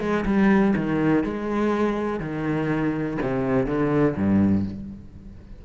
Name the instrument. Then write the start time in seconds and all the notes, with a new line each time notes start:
cello
0.00 G#3
0.25 G3
0.76 D#3
1.24 G#3
2.20 D#3
3.22 C3
3.66 D3
4.16 G2